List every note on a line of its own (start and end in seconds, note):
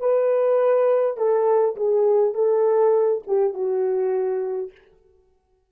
0.00 1.17 B4
1.17 1.76 A4
1.76 2.34 G#4
2.34 3.22 A4
3.27 3.54 G4
3.54 4.71 F#4